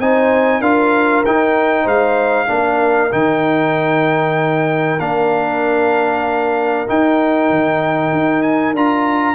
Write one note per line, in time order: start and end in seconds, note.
0.00 0.61 C4
0.00 0.63 D#4
0.00 0.61 C5
0.00 0.62 G#5
0.61 1.24 D4
0.61 1.25 F4
0.61 1.84 A#4
0.61 1.24 F5
1.26 1.86 D#4
1.26 2.48 D#4
1.26 1.88 G5
1.84 2.48 G#3
1.84 2.46 C5
1.84 3.13 F5
2.48 3.12 A#3
2.48 3.11 D4
2.48 9.35 A#4
3.12 4.99 D#3
3.12 4.99 D#4
3.12 5.00 G5
4.99 6.87 A#3
4.99 6.88 D4
4.99 6.87 F5
6.88 8.75 D#4
6.88 7.50 D#4
6.88 8.43 G5
7.50 8.13 D#3
8.13 8.74 D#4
8.43 8.74 G#5
8.74 9.35 D4
8.74 9.35 F4
8.74 9.35 A#5